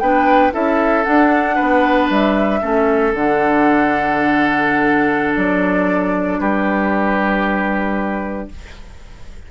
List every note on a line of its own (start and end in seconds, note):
0.00 0.53 B3
0.00 0.52 D4
0.00 0.54 B4
0.00 0.52 G5
0.52 1.07 C#4
0.52 1.04 E4
0.52 1.56 A4
0.52 1.04 E5
1.04 2.61 D4
1.04 1.59 D4
1.04 2.08 F#5
1.56 2.10 B3
1.56 2.60 B4
2.10 2.62 G3
2.10 3.15 E5
2.61 3.14 A3
2.61 3.14 C#4
2.61 6.40 A4
3.14 5.36 D3
3.14 8.51 D4
3.14 5.36 F#5
5.36 6.40 F#3
5.36 6.40 D5
6.40 8.49 G3
6.40 8.49 G4
6.40 8.49 B4